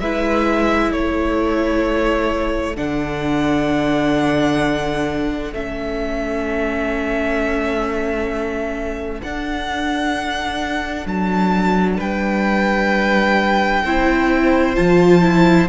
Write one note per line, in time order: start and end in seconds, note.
0.00 0.92 G#3
0.00 2.76 E4
0.00 0.93 B4
0.00 0.92 E5
0.92 2.77 A3
0.92 11.98 A4
0.92 2.77 C#5
2.76 5.52 D3
2.76 5.53 D4
2.76 5.54 F#5
5.52 9.22 A3
5.52 9.23 C#4
5.52 9.22 E5
9.22 13.84 D4
9.22 11.06 D4
9.22 11.07 F#5
11.06 11.99 F#3
11.06 12.00 A5
11.98 13.84 G3
11.98 13.82 B4
11.98 14.76 G5
13.85 14.77 C4
13.85 14.76 E4
13.85 15.69 C5
14.76 15.69 F3
14.76 15.22 F4
14.76 15.68 A5
15.22 15.68 E4